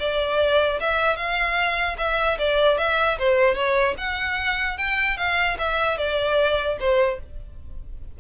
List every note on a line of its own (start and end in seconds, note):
0.00 0.80 D5
0.81 1.17 E5
1.17 1.97 F5
1.98 2.38 E5
2.39 2.78 D5
2.78 3.18 E5
3.19 3.55 C5
3.55 3.95 C#5
3.98 4.78 F#5
4.78 5.18 G5
5.18 5.58 F5
5.59 5.98 E5
5.98 6.78 D5
6.80 7.20 C5